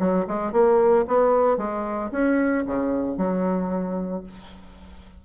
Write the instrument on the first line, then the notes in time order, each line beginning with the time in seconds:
bassoon
0.00 F#3
0.28 G#3
0.53 A#3
1.08 B3
1.58 G#3
2.12 C#4
2.67 C#3
3.18 F#3